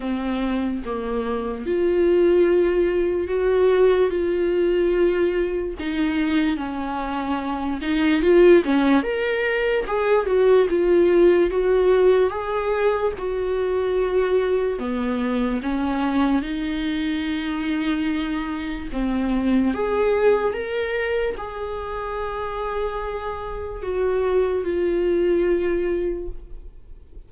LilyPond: \new Staff \with { instrumentName = "viola" } { \time 4/4 \tempo 4 = 73 c'4 ais4 f'2 | fis'4 f'2 dis'4 | cis'4. dis'8 f'8 cis'8 ais'4 | gis'8 fis'8 f'4 fis'4 gis'4 |
fis'2 b4 cis'4 | dis'2. c'4 | gis'4 ais'4 gis'2~ | gis'4 fis'4 f'2 | }